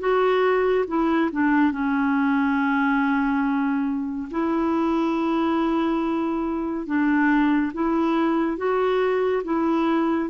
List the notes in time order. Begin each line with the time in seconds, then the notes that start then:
0.00 F#4
0.88 E4
1.32 D4
1.72 C#4
4.31 E4
6.87 D4
7.74 E4
8.58 F#4
9.44 E4